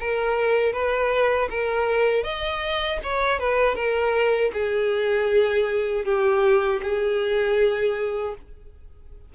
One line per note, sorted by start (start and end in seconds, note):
0.00 0.73 A#4
0.73 1.49 B4
1.50 2.24 A#4
2.24 3.00 D#5
3.03 3.39 C#5
3.39 3.76 B4
3.76 4.52 A#4
4.53 6.05 G#4
6.05 6.81 G4
6.83 8.35 G#4